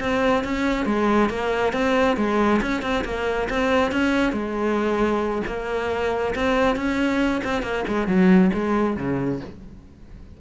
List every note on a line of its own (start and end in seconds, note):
0.00 0.44 C4
0.44 0.86 C#4
0.86 1.29 G#3
1.29 1.73 A#3
1.73 2.16 C4
2.16 2.60 G#3
2.61 2.82 C#4
2.82 3.04 C4
3.04 3.48 A#3
3.49 3.92 C4
3.92 4.32 C#4
4.32 5.42 G#3
5.47 6.34 A#3
6.35 6.76 C4
6.76 7.42 C#4
7.44 7.62 C4
7.62 7.84 A#3
7.88 8.07 G#3
8.07 8.51 F#3
8.53 8.97 G#3
8.97 9.40 C#3